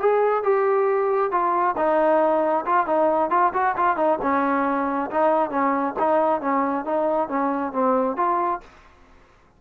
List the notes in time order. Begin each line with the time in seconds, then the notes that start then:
0.00 G#4
0.44 G4
1.31 F4
1.77 D#4
2.66 F4
2.87 D#4
3.30 F4
3.54 F#4
3.77 F4
3.97 D#4
4.22 C#4
5.11 D#4
5.50 C#4
5.99 D#4
6.41 C#4
6.85 D#4
7.29 C#4
7.73 C4
8.17 F4